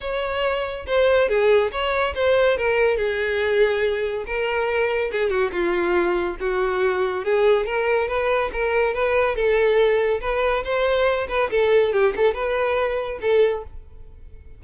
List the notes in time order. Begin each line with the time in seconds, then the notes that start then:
0.01 C#5
0.86 C5
1.28 G#4
1.71 C#5
2.15 C5
2.57 A#4
2.97 G#4
4.26 A#4
5.12 G#4
5.30 F#4
5.51 F4
6.40 F#4
7.24 G#4
7.66 A#4
8.08 B4
8.52 A#4
8.94 B4
9.35 A4
10.21 B4
10.63 C5
11.28 B4
11.50 A4
11.92 G4
12.16 A4
12.34 B4
13.21 A4